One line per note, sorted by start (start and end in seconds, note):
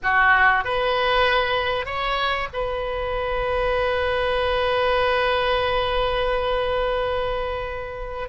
0.02 0.64 F#4
0.64 1.85 B4
1.85 2.48 C#5
2.53 8.28 B4